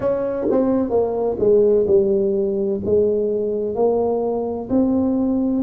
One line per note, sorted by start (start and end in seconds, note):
0.00 0.46 C#4
0.50 0.89 C4
0.89 1.36 A#3
1.38 1.85 G#3
1.86 2.80 G3
2.85 3.75 G#3
3.75 4.68 A#3
4.69 5.62 C4